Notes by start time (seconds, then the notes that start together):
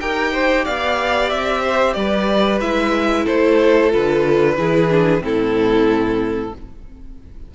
0.00 D#4 G4 A#4 G5
0.32 C5
0.65 B3 D5 F5
1.30 C4 E5
1.62 C5
1.94 G3 B4 D5
2.61 G#3 E4 E5
3.24 A3 A4 C5
3.91 D3 F4 B4
4.57 E3 E4 G#4
4.90 D4
5.21 A2 C4 E4 A4